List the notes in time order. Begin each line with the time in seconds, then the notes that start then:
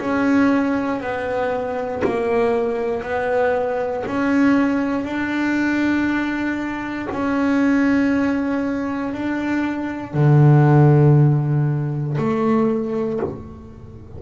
0.00 C#4
1.01 B3
2.05 A#3
3.03 B3
4.07 C#4
5.05 D4
7.12 C#4
9.14 D4
10.14 D3
12.18 A3